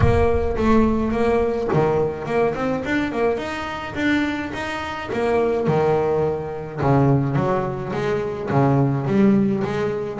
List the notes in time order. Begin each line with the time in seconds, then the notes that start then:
0.00 A#3
0.56 A3
1.11 A#3
1.73 D#3
2.25 A#3
2.55 C4
2.85 D4
3.12 A#3
3.37 D#4
3.95 D4
4.53 D#4
5.13 A#3
5.67 D#3
6.81 C#3
7.35 F#3
7.92 G#3
8.50 C#3
9.06 G3
9.64 G#3